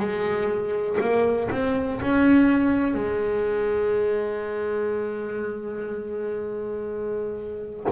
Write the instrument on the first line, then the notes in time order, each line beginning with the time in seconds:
double bass
0.00 G#3
1.01 A#3
1.51 C4
2.02 C#4
2.95 G#3